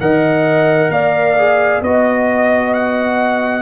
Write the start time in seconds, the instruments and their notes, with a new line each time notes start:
0.00 tuba D#3, trombone A#4, horn D#5, trumpet F#5
0.89 tuba A#3, horn D5, trumpet F5
1.38 trombone G#4
1.82 tuba B3, trombone F#4, trumpet D#5, horn D#5
2.73 trumpet F#5